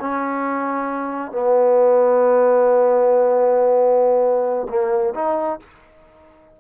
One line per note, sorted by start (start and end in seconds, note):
0.00 1.32 C#4
1.32 4.68 B3
4.69 5.14 A#3
5.15 5.59 D#4